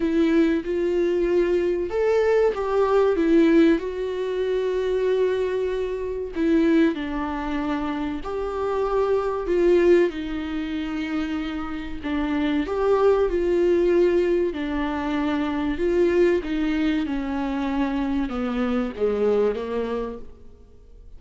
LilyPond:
\new Staff \with { instrumentName = "viola" } { \time 4/4 \tempo 4 = 95 e'4 f'2 a'4 | g'4 e'4 fis'2~ | fis'2 e'4 d'4~ | d'4 g'2 f'4 |
dis'2. d'4 | g'4 f'2 d'4~ | d'4 f'4 dis'4 cis'4~ | cis'4 b4 gis4 ais4 | }